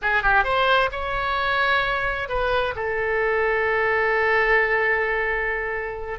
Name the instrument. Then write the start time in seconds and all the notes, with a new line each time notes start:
oboe
0.01 G#4
0.22 G4
0.44 C5
0.91 C#5
2.28 B4
2.75 A4